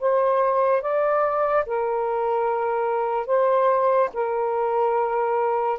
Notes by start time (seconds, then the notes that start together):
0.00 C5
0.82 D5
1.66 A#4
3.27 C5
4.14 A#4